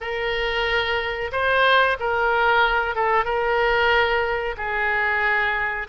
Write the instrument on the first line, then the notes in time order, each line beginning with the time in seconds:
oboe
0.00 A#4
1.32 C5
1.99 A#4
2.95 A4
3.25 A#4
4.57 G#4